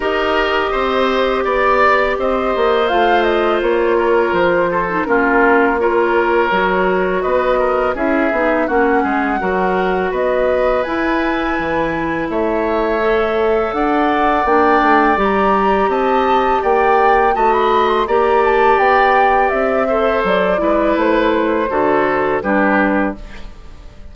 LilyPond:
<<
  \new Staff \with { instrumentName = "flute" } { \time 4/4 \tempo 4 = 83 dis''2 d''4 dis''4 | f''8 dis''8 cis''4 c''4 ais'4 | cis''2 dis''4 e''4 | fis''2 dis''4 gis''4~ |
gis''4 e''2 fis''4 | g''4 ais''4 a''4 g''4 | a''16 b''8 c'''16 ais''8 a''8 g''4 e''4 | d''4 c''2 b'4 | }
  \new Staff \with { instrumentName = "oboe" } { \time 4/4 ais'4 c''4 d''4 c''4~ | c''4. ais'4 a'8 f'4 | ais'2 b'8 ais'8 gis'4 | fis'8 gis'8 ais'4 b'2~ |
b'4 cis''2 d''4~ | d''2 dis''4 d''4 | dis''4 d''2~ d''8 c''8~ | c''8 b'4. a'4 g'4 | }
  \new Staff \with { instrumentName = "clarinet" } { \time 4/4 g'1 | f'2~ f'8. dis'16 cis'4 | f'4 fis'2 e'8 dis'8 | cis'4 fis'2 e'4~ |
e'2 a'2 | d'4 g'2. | fis'4 g'2~ g'8 a'8~ | a'8 e'4. fis'4 d'4 | }
  \new Staff \with { instrumentName = "bassoon" } { \time 4/4 dis'4 c'4 b4 c'8 ais8 | a4 ais4 f4 ais4~ | ais4 fis4 b4 cis'8 b8 | ais8 gis8 fis4 b4 e'4 |
e4 a2 d'4 | ais8 a8 g4 c'4 ais4 | a4 ais4 b4 c'4 | fis8 gis8 a4 d4 g4 | }
>>